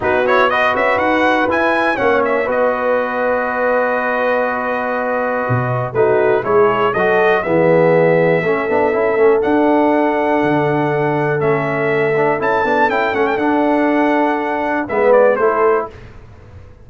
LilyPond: <<
  \new Staff \with { instrumentName = "trumpet" } { \time 4/4 \tempo 4 = 121 b'8 cis''8 dis''8 e''8 fis''4 gis''4 | fis''8 e''8 dis''2.~ | dis''1 | b'4 cis''4 dis''4 e''4~ |
e''2. fis''4~ | fis''2. e''4~ | e''4 a''4 g''8 fis''16 g''16 fis''4~ | fis''2 e''8 d''8 c''4 | }
  \new Staff \with { instrumentName = "horn" } { \time 4/4 fis'4 b'2. | cis''4 b'2.~ | b'1 | fis'4 gis'4 a'4 gis'4~ |
gis'4 a'2.~ | a'1~ | a'1~ | a'2 b'4 a'4 | }
  \new Staff \with { instrumentName = "trombone" } { \time 4/4 dis'8 e'8 fis'2 e'4 | cis'4 fis'2.~ | fis'1 | dis'4 e'4 fis'4 b4~ |
b4 cis'8 d'8 e'8 cis'8 d'4~ | d'2. cis'4~ | cis'8 d'8 e'8 d'8 e'8 cis'8 d'4~ | d'2 b4 e'4 | }
  \new Staff \with { instrumentName = "tuba" } { \time 4/4 b4. cis'8 dis'4 e'4 | ais4 b2.~ | b2. b,4 | a4 gis4 fis4 e4~ |
e4 a8 b8 cis'8 a8 d'4~ | d'4 d2 a4~ | a4 cis'8 b8 cis'8 a8 d'4~ | d'2 gis4 a4 | }
>>